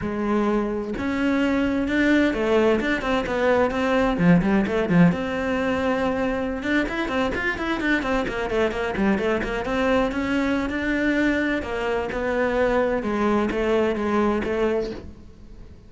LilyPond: \new Staff \with { instrumentName = "cello" } { \time 4/4 \tempo 4 = 129 gis2 cis'2 | d'4 a4 d'8 c'8 b4 | c'4 f8 g8 a8 f8 c'4~ | c'2~ c'16 d'8 e'8 c'8 f'16~ |
f'16 e'8 d'8 c'8 ais8 a8 ais8 g8 a16~ | a16 ais8 c'4 cis'4~ cis'16 d'4~ | d'4 ais4 b2 | gis4 a4 gis4 a4 | }